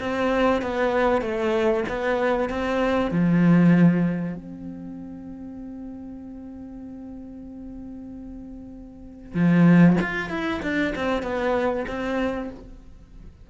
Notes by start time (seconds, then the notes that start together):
0.00 C4
0.62 B3
1.22 A3
1.89 B3
2.50 C4
3.11 F3
4.35 C4
9.34 F3
10.01 F4
10.30 E4
10.62 D4
10.96 C4
11.23 B3
11.88 C4